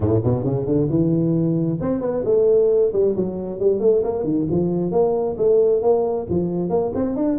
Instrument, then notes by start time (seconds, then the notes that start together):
tuba
0.00 A2
0.24 B2
0.43 C#3
0.65 D3
0.89 E3
1.81 C4
2.01 B3
2.24 A3
2.92 G3
3.16 F#3
3.59 G3
3.79 A3
4.03 A#3
4.24 D#3
4.50 F3
4.91 A#3
5.37 A3
5.82 A#3
6.29 F3
6.69 A#3
6.94 C4
7.16 D4